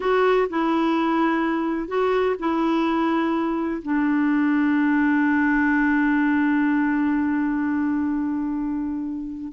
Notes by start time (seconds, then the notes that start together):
0.00 F#4
0.49 E4
1.88 F#4
2.39 E4
3.82 D4